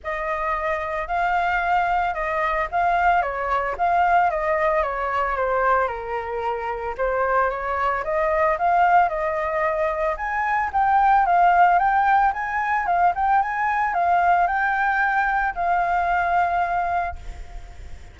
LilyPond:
\new Staff \with { instrumentName = "flute" } { \time 4/4 \tempo 4 = 112 dis''2 f''2 | dis''4 f''4 cis''4 f''4 | dis''4 cis''4 c''4 ais'4~ | ais'4 c''4 cis''4 dis''4 |
f''4 dis''2 gis''4 | g''4 f''4 g''4 gis''4 | f''8 g''8 gis''4 f''4 g''4~ | g''4 f''2. | }